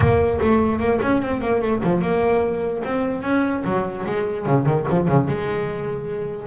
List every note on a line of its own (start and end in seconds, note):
0.00 0.39 A#3
0.41 0.79 A3
0.79 0.99 A#3
1.02 1.22 C#4
1.22 1.41 C4
1.41 1.61 A#3
1.61 1.82 A3
1.83 2.01 F3
2.01 2.82 A#3
2.84 3.22 C4
3.22 3.63 C#4
3.64 4.04 F#3
4.06 4.46 G#3
4.46 4.66 C#3
4.66 4.86 D#3
4.89 5.08 F3
5.08 5.28 C#3
5.28 6.47 G#3